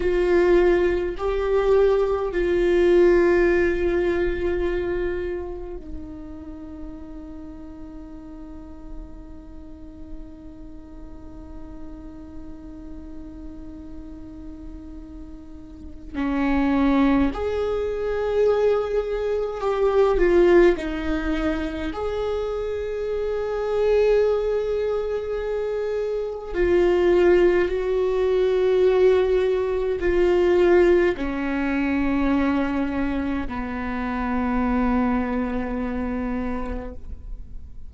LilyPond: \new Staff \with { instrumentName = "viola" } { \time 4/4 \tempo 4 = 52 f'4 g'4 f'2~ | f'4 dis'2.~ | dis'1~ | dis'2 cis'4 gis'4~ |
gis'4 g'8 f'8 dis'4 gis'4~ | gis'2. f'4 | fis'2 f'4 cis'4~ | cis'4 b2. | }